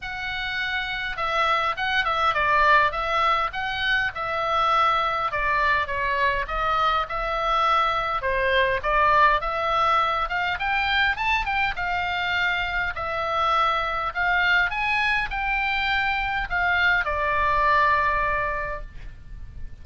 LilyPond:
\new Staff \with { instrumentName = "oboe" } { \time 4/4 \tempo 4 = 102 fis''2 e''4 fis''8 e''8 | d''4 e''4 fis''4 e''4~ | e''4 d''4 cis''4 dis''4 | e''2 c''4 d''4 |
e''4. f''8 g''4 a''8 g''8 | f''2 e''2 | f''4 gis''4 g''2 | f''4 d''2. | }